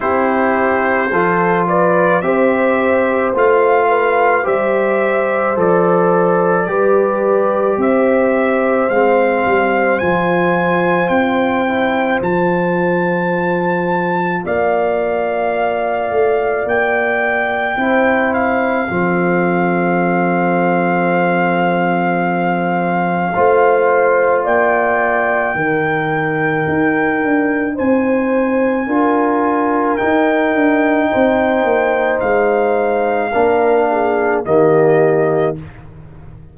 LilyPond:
<<
  \new Staff \with { instrumentName = "trumpet" } { \time 4/4 \tempo 4 = 54 c''4. d''8 e''4 f''4 | e''4 d''2 e''4 | f''4 gis''4 g''4 a''4~ | a''4 f''2 g''4~ |
g''8 f''2.~ f''8~ | f''2 g''2~ | g''4 gis''2 g''4~ | g''4 f''2 dis''4 | }
  \new Staff \with { instrumentName = "horn" } { \time 4/4 g'4 a'8 b'8 c''4. b'8 | c''2 b'4 c''4~ | c''1~ | c''4 d''2. |
c''4 a'2.~ | a'4 c''4 d''4 ais'4~ | ais'4 c''4 ais'2 | c''2 ais'8 gis'8 g'4 | }
  \new Staff \with { instrumentName = "trombone" } { \time 4/4 e'4 f'4 g'4 f'4 | g'4 a'4 g'2 | c'4 f'4. e'8 f'4~ | f'1 |
e'4 c'2.~ | c'4 f'2 dis'4~ | dis'2 f'4 dis'4~ | dis'2 d'4 ais4 | }
  \new Staff \with { instrumentName = "tuba" } { \time 4/4 c'4 f4 c'4 a4 | g4 f4 g4 c'4 | gis8 g8 f4 c'4 f4~ | f4 ais4. a8 ais4 |
c'4 f2.~ | f4 a4 ais4 dis4 | dis'8 d'8 c'4 d'4 dis'8 d'8 | c'8 ais8 gis4 ais4 dis4 | }
>>